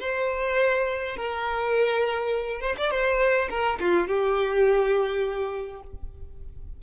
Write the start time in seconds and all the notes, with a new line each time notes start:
0.00 C5
1.16 A#4
2.61 C5
2.77 D5
2.90 C5
3.50 A#4
3.80 F4
4.08 G4